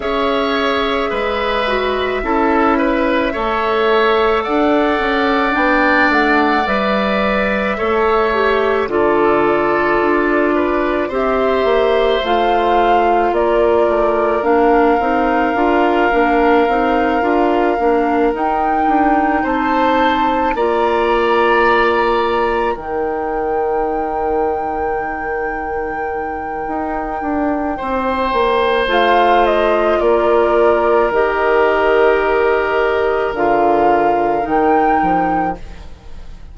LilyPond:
<<
  \new Staff \with { instrumentName = "flute" } { \time 4/4 \tempo 4 = 54 e''1 | fis''4 g''8 fis''8 e''2 | d''2 e''4 f''4 | d''4 f''2.~ |
f''8 g''4 a''4 ais''4.~ | ais''8 g''2.~ g''8~ | g''2 f''8 dis''8 d''4 | dis''2 f''4 g''4 | }
  \new Staff \with { instrumentName = "oboe" } { \time 4/4 cis''4 b'4 a'8 b'8 cis''4 | d''2. cis''4 | a'4. b'8 c''2 | ais'1~ |
ais'4. c''4 d''4.~ | d''8 ais'2.~ ais'8~ | ais'4 c''2 ais'4~ | ais'1 | }
  \new Staff \with { instrumentName = "clarinet" } { \time 4/4 gis'4. fis'8 e'4 a'4~ | a'4 d'4 b'4 a'8 g'8 | f'2 g'4 f'4~ | f'4 d'8 dis'8 f'8 d'8 dis'8 f'8 |
d'8 dis'2 f'4.~ | f'8 dis'2.~ dis'8~ | dis'2 f'2 | g'2 f'4 dis'4 | }
  \new Staff \with { instrumentName = "bassoon" } { \time 4/4 cis'4 gis4 cis'4 a4 | d'8 cis'8 b8 a8 g4 a4 | d4 d'4 c'8 ais8 a4 | ais8 a8 ais8 c'8 d'8 ais8 c'8 d'8 |
ais8 dis'8 d'8 c'4 ais4.~ | ais8 dis2.~ dis8 | dis'8 d'8 c'8 ais8 a4 ais4 | dis2 d4 dis8 f8 | }
>>